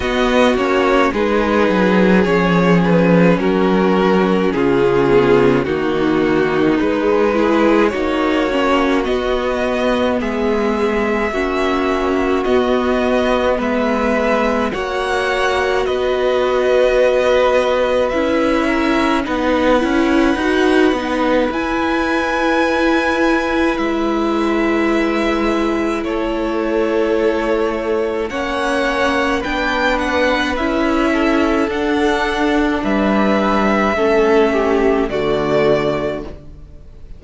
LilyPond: <<
  \new Staff \with { instrumentName = "violin" } { \time 4/4 \tempo 4 = 53 dis''8 cis''8 b'4 cis''8 b'8 ais'4 | gis'4 fis'4 b'4 cis''4 | dis''4 e''2 dis''4 | e''4 fis''4 dis''2 |
e''4 fis''2 gis''4~ | gis''4 e''2 cis''4~ | cis''4 fis''4 g''8 fis''8 e''4 | fis''4 e''2 d''4 | }
  \new Staff \with { instrumentName = "violin" } { \time 4/4 fis'4 gis'2 fis'4 | f'4 dis'4. gis'8 fis'4~ | fis'4 gis'4 fis'2 | b'4 cis''4 b'2~ |
b'8 ais'8 b'2.~ | b'2. a'4~ | a'4 cis''4 b'4. a'8~ | a'4 b'4 a'8 g'8 fis'4 | }
  \new Staff \with { instrumentName = "viola" } { \time 4/4 b8 cis'8 dis'4 cis'2~ | cis'8 b8 ais4 gis8 e'8 dis'8 cis'8 | b2 cis'4 b4~ | b4 fis'2. |
e'4 dis'8 e'8 fis'8 dis'8 e'4~ | e'1~ | e'4 cis'4 d'4 e'4 | d'2 cis'4 a4 | }
  \new Staff \with { instrumentName = "cello" } { \time 4/4 b8 ais8 gis8 fis8 f4 fis4 | cis4 dis4 gis4 ais4 | b4 gis4 ais4 b4 | gis4 ais4 b2 |
cis'4 b8 cis'8 dis'8 b8 e'4~ | e'4 gis2 a4~ | a4 ais4 b4 cis'4 | d'4 g4 a4 d4 | }
>>